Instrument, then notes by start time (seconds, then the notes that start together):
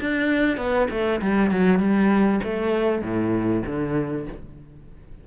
cello
0.00 D4
0.57 B3
0.90 A3
1.21 G3
1.50 F#3
1.79 G3
2.43 A3
3.02 A2
3.65 D3